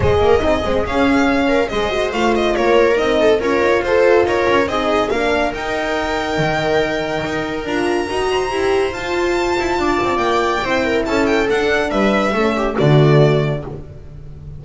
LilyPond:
<<
  \new Staff \with { instrumentName = "violin" } { \time 4/4 \tempo 4 = 141 dis''2 f''2 | dis''4 f''8 dis''8 cis''4 dis''4 | cis''4 c''4 cis''4 dis''4 | f''4 g''2.~ |
g''2 ais''2~ | ais''4 a''2. | g''2 a''8 g''8 fis''4 | e''2 d''2 | }
  \new Staff \with { instrumentName = "viola" } { \time 4/4 c''8 ais'8 gis'2~ gis'8 ais'8 | c''2 ais'4. a'8 | ais'4 a'4 ais'4 gis'4 | ais'1~ |
ais'2.~ ais'8 c''8~ | c''2. d''4~ | d''4 c''8 ais'8 a'2 | b'4 a'8 g'8 fis'2 | }
  \new Staff \with { instrumentName = "horn" } { \time 4/4 gis'4 dis'8 c'8 cis'2 | gis'8 fis'8 f'2 dis'4 | f'2. dis'4 | d'4 dis'2.~ |
dis'2 f'4 fis'4 | g'4 f'2.~ | f'4 e'2 d'4~ | d'4 cis'4 a2 | }
  \new Staff \with { instrumentName = "double bass" } { \time 4/4 gis8 ais8 c'8 gis8 cis'2 | gis4 a4 ais4 c'4 | cis'8 dis'8 f'4 dis'8 cis'8 c'4 | ais4 dis'2 dis4~ |
dis4 dis'4 d'4 dis'4 | e'4 f'4. e'8 d'8 c'8 | ais4 c'4 cis'4 d'4 | g4 a4 d2 | }
>>